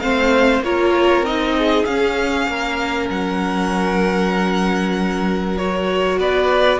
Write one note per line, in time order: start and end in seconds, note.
0.00 0.60 A3
0.00 0.63 C4
0.00 0.64 C5
0.00 0.62 F5
0.60 1.22 A#3
0.60 1.26 F4
0.60 1.57 A#4
0.60 1.25 C#5
1.22 1.84 C4
1.22 1.87 D#4
1.22 1.85 D#5
1.57 2.49 G#4
1.85 2.47 C#4
1.85 5.58 C#4
1.85 3.09 F5
2.47 3.09 A#3
2.47 6.19 A#4
3.10 6.18 F#3
3.10 5.58 F#5
5.58 6.80 F#4
5.58 6.19 C#5
6.18 6.80 B3
6.18 6.80 B4
6.18 6.80 D5